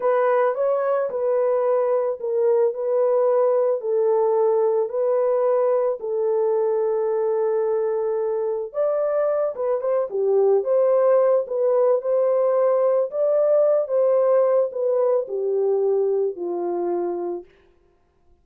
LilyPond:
\new Staff \with { instrumentName = "horn" } { \time 4/4 \tempo 4 = 110 b'4 cis''4 b'2 | ais'4 b'2 a'4~ | a'4 b'2 a'4~ | a'1 |
d''4. b'8 c''8 g'4 c''8~ | c''4 b'4 c''2 | d''4. c''4. b'4 | g'2 f'2 | }